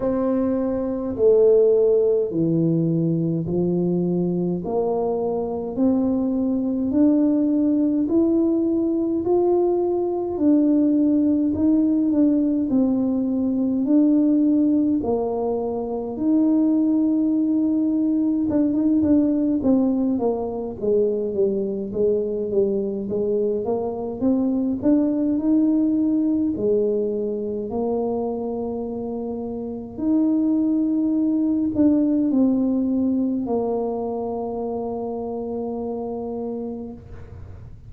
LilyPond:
\new Staff \with { instrumentName = "tuba" } { \time 4/4 \tempo 4 = 52 c'4 a4 e4 f4 | ais4 c'4 d'4 e'4 | f'4 d'4 dis'8 d'8 c'4 | d'4 ais4 dis'2 |
d'16 dis'16 d'8 c'8 ais8 gis8 g8 gis8 g8 | gis8 ais8 c'8 d'8 dis'4 gis4 | ais2 dis'4. d'8 | c'4 ais2. | }